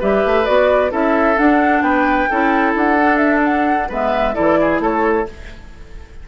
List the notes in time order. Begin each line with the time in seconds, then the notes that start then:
0.00 G3 G4 B4 E5
0.25 A3
0.45 B3 F#4 D5
0.90 C#4 E4 A4 E5
1.37 D4 F#5
1.82 B3 B4 G5
2.30 C#4 E4 A4
2.75 D4 F#5
2.99 D4
3.17 E5
3.44 F#5
3.89 G#3 B3 B4 E5
4.33 E3 E4 A4 D5
4.61 G#4
4.80 A3 A4 C#5